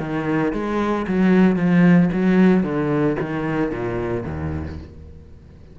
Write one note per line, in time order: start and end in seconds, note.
0.00 0.53 D#3
0.53 1.06 G#3
1.08 1.56 F#3
1.56 2.09 F3
2.13 2.64 F#3
2.64 3.17 D3
3.20 3.71 D#3
3.71 4.25 A#2
4.26 4.79 D#2